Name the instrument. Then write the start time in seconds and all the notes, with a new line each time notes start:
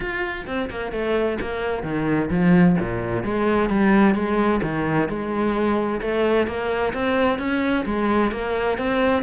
cello
0.00 F4
0.46 C4
0.70 A#3
0.92 A3
1.40 A#3
1.83 D#3
2.30 F3
2.80 A#2
3.23 G#3
3.69 G3
4.14 G#3
4.62 D#3
5.08 G#3
6.01 A3
6.47 A#3
6.93 C4
7.38 C#4
7.85 G#3
8.31 A#3
8.78 C4